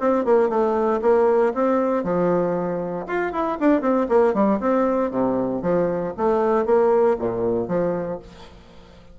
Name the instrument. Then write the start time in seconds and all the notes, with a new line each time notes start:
bassoon
0.00 C4
0.25 A#3
0.49 A3
1.02 A#3
1.54 C4
2.03 F3
3.07 F4
3.32 E4
3.60 D4
3.81 C4
4.09 A#3
4.34 G3
4.60 C4
5.11 C3
5.62 F3
6.17 A3
6.65 A#3
7.19 A#2
7.68 F3